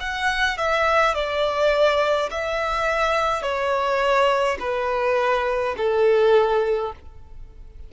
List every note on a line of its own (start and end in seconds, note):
0.00 0.58 F#5
0.58 1.14 E5
1.14 2.30 D5
2.31 3.42 E5
3.42 4.58 C#5
4.60 5.75 B4
5.77 6.92 A4